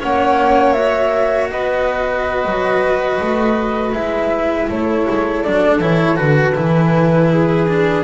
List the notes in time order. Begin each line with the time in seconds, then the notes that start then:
0.00 A#3 C#4 C#5 F#5
0.73 F#4 E5
1.50 B3 B4 D#5
2.45 F#3
3.21 A3
3.93 G#3 E4 E5
4.70 A3 A4 C#5
5.10 G#3
5.43 F#3 D4 D5
5.81 E3 E4 C#5
6.16 D3 F#4 B4
6.55 E3 E4
7.32 G#4
7.68 D4